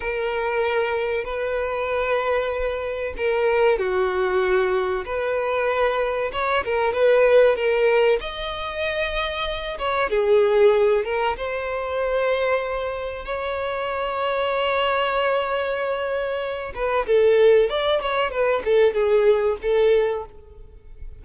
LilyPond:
\new Staff \with { instrumentName = "violin" } { \time 4/4 \tempo 4 = 95 ais'2 b'2~ | b'4 ais'4 fis'2 | b'2 cis''8 ais'8 b'4 | ais'4 dis''2~ dis''8 cis''8 |
gis'4. ais'8 c''2~ | c''4 cis''2.~ | cis''2~ cis''8 b'8 a'4 | d''8 cis''8 b'8 a'8 gis'4 a'4 | }